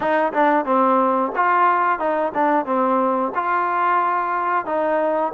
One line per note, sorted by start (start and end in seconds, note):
0.00 0.32 D#4
0.32 0.65 D4
0.65 1.32 C4
1.35 1.98 F4
1.98 2.32 D#4
2.34 2.65 D4
2.65 3.32 C4
3.35 4.65 F4
4.65 5.32 D#4